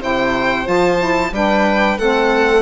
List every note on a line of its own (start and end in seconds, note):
0.00 0.67 C3
0.00 0.64 E4
0.00 1.32 C5
0.00 0.68 G5
0.64 1.32 F3
0.64 0.97 F4
0.64 1.34 A5
0.98 1.31 E4
1.32 1.98 G3
1.32 1.98 D4
1.32 1.98 B4
1.32 1.99 G5
1.98 2.62 A3
1.98 2.62 C4
1.98 2.62 A4
1.98 2.62 F#5